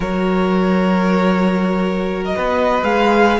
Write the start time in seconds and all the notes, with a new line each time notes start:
0.00 F#3 F#4 A#4 C#5
2.25 D#5
2.35 B3 B4
2.82 G#3 G#4 F5